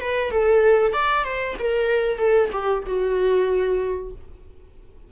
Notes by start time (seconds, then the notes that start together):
0.00 B4
0.31 A4
0.93 D5
1.24 C5
1.59 A#4
2.18 A4
2.52 G4
2.86 F#4